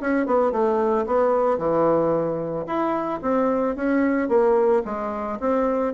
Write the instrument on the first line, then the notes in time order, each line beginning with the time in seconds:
bassoon
0.00 C#4
0.26 B3
0.51 A3
1.06 B3
1.57 E3
2.66 E4
3.21 C4
3.76 C#4
4.28 A#3
4.85 G#3
5.40 C4